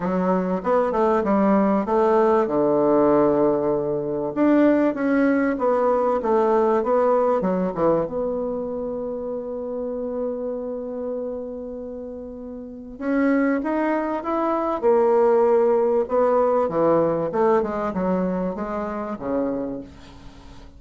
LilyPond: \new Staff \with { instrumentName = "bassoon" } { \time 4/4 \tempo 4 = 97 fis4 b8 a8 g4 a4 | d2. d'4 | cis'4 b4 a4 b4 | fis8 e8 b2.~ |
b1~ | b4 cis'4 dis'4 e'4 | ais2 b4 e4 | a8 gis8 fis4 gis4 cis4 | }